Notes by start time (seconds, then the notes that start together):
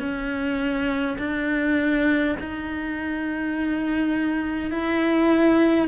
0.00 C#4
1.19 D4
2.40 D#4
4.71 E4